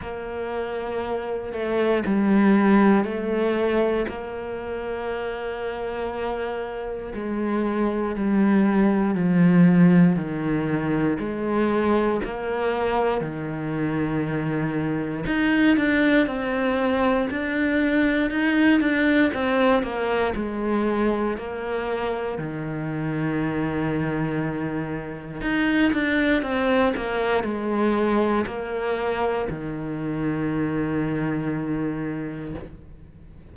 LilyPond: \new Staff \with { instrumentName = "cello" } { \time 4/4 \tempo 4 = 59 ais4. a8 g4 a4 | ais2. gis4 | g4 f4 dis4 gis4 | ais4 dis2 dis'8 d'8 |
c'4 d'4 dis'8 d'8 c'8 ais8 | gis4 ais4 dis2~ | dis4 dis'8 d'8 c'8 ais8 gis4 | ais4 dis2. | }